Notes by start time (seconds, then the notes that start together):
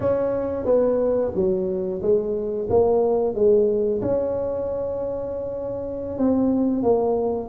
0.00 C#4
0.65 B3
1.35 F#3
2.02 G#3
2.70 A#3
3.34 G#3
4.01 C#4
6.18 C4
6.82 A#3